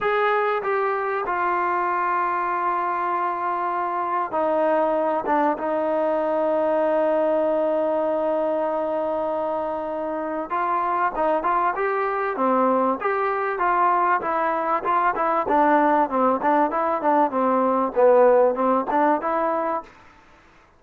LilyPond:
\new Staff \with { instrumentName = "trombone" } { \time 4/4 \tempo 4 = 97 gis'4 g'4 f'2~ | f'2. dis'4~ | dis'8 d'8 dis'2.~ | dis'1~ |
dis'4 f'4 dis'8 f'8 g'4 | c'4 g'4 f'4 e'4 | f'8 e'8 d'4 c'8 d'8 e'8 d'8 | c'4 b4 c'8 d'8 e'4 | }